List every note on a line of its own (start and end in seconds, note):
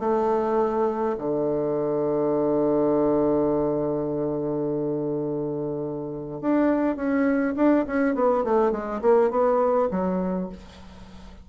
0.00 1.17 A3
1.18 6.42 D3
6.42 6.96 D4
6.96 7.55 C#4
7.56 7.85 D4
7.87 8.15 C#4
8.15 8.44 B3
8.44 8.72 A3
8.72 9.01 G#3
9.02 9.31 A#3
9.31 9.89 B3
9.91 10.49 F#3